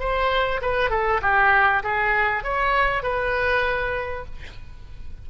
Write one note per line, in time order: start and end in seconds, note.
0.00 0.61 C5
0.62 0.90 B4
0.90 1.21 A4
1.22 1.83 G4
1.83 2.44 G#4
2.44 3.03 C#5
3.03 4.26 B4